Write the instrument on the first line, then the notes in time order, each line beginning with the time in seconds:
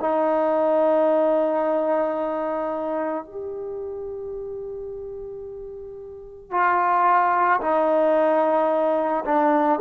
trombone
0.00 D#4
3.25 G4
6.51 F4
7.61 D#4
9.25 D4